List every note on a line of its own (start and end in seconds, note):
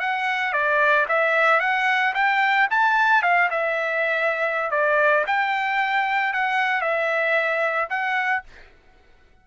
0.00 0.52 F#5
0.52 1.06 D5
1.08 1.60 E5
1.60 2.13 F#5
2.14 2.68 G5
2.70 3.22 A5
3.22 3.49 F5
3.50 4.70 E5
4.70 5.24 D5
5.26 6.33 G5
6.33 6.81 F#5
6.81 7.88 E5
7.89 8.43 F#5